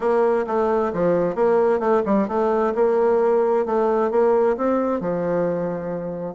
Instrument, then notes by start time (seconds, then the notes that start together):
bassoon
0.00 A#3
0.46 A3
0.93 F3
1.35 A#3
1.79 A3
2.05 G3
2.28 A3
2.74 A#3
3.65 A3
4.10 A#3
4.56 C4
5.00 F3